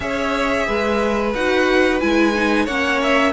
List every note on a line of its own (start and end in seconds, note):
0.00 0.66 C#4
0.00 1.33 G#4
0.00 0.67 C#5
0.00 1.33 E5
0.67 1.34 G#3
0.67 2.65 B4
1.34 2.01 D#4
1.34 2.00 F#4
1.34 1.99 F#5
1.99 2.67 G#3
1.99 2.34 E4
1.99 2.66 G#5
2.34 2.68 D#4
2.65 3.32 A#3
2.65 3.32 C#4
2.65 3.32 C#5
2.65 3.00 F#5
3.02 3.32 E5